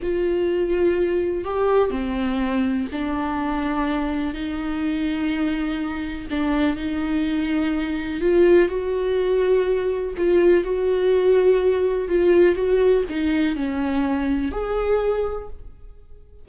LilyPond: \new Staff \with { instrumentName = "viola" } { \time 4/4 \tempo 4 = 124 f'2. g'4 | c'2 d'2~ | d'4 dis'2.~ | dis'4 d'4 dis'2~ |
dis'4 f'4 fis'2~ | fis'4 f'4 fis'2~ | fis'4 f'4 fis'4 dis'4 | cis'2 gis'2 | }